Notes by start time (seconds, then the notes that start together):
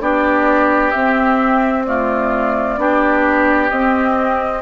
0.00 B3 D4 G4 D5
0.91 C4 E5
1.85 A3 F4 D5
2.77 B3 D4 G4
3.69 C4 D#5